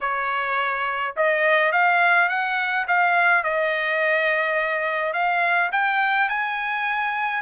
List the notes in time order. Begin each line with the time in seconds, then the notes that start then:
0.00 C#5
1.16 D#5
1.72 F5
2.28 F#5
2.87 F5
3.43 D#5
5.13 F5
5.72 G5
6.29 G#5